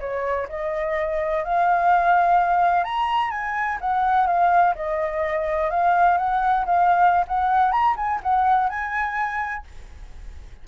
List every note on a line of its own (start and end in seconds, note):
0.00 0.48 C#5
0.49 1.44 D#5
1.44 2.84 F5
2.84 3.31 A#5
3.31 3.78 G#5
3.81 4.27 F#5
4.27 4.74 F5
4.75 5.70 D#5
5.70 6.18 F5
6.18 6.65 F#5
6.65 7.25 F5
7.27 7.71 F#5
7.71 7.95 A#5
7.96 8.20 G#5
8.23 8.69 F#5
8.69 9.65 G#5